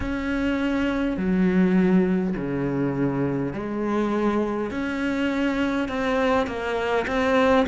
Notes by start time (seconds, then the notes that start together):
0.00 C#4
1.17 F#3
2.36 C#3
3.53 G#3
4.71 C#4
5.88 C4
6.47 A#3
7.07 C4